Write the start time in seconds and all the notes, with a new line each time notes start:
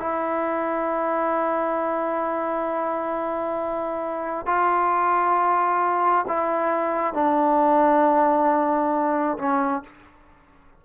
0.00 E4
4.47 F4
6.28 E4
7.14 D4
9.38 C#4